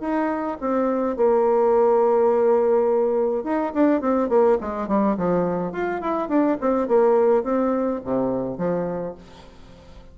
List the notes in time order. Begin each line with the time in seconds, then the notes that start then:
0.00 D#4
0.60 C4
1.16 A#3
3.44 D#4
3.74 D4
4.01 C4
4.29 A#3
4.60 G#3
4.88 G3
5.17 F3
5.72 F4
6.01 E4
6.28 D4
6.60 C4
6.88 A#3
7.43 C4
8.04 C3
8.57 F3